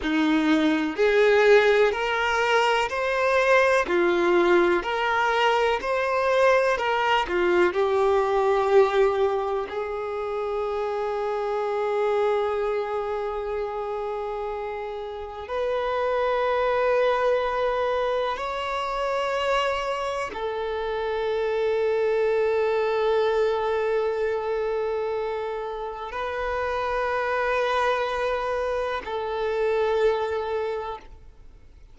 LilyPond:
\new Staff \with { instrumentName = "violin" } { \time 4/4 \tempo 4 = 62 dis'4 gis'4 ais'4 c''4 | f'4 ais'4 c''4 ais'8 f'8 | g'2 gis'2~ | gis'1 |
b'2. cis''4~ | cis''4 a'2.~ | a'2. b'4~ | b'2 a'2 | }